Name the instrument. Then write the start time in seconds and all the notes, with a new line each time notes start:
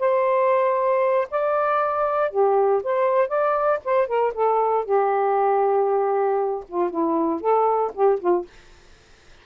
saxophone
0.00 C5
1.31 D5
2.31 G4
2.84 C5
3.28 D5
3.85 C5
4.08 A#4
4.34 A4
4.85 G4
6.69 F4
6.91 E4
7.41 A4
7.94 G4
8.20 F4